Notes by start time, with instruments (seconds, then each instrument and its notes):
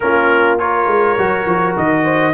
0.00 tuba A#3, trombone C#4, horn F4, trumpet A#4
0.58 trombone F4, horn A#4, trumpet C#5
0.86 tuba G#3
1.17 tuba F#3, trombone F#4
1.46 tuba F3
1.76 tuba D#3, trumpet D#5
2.03 horn C5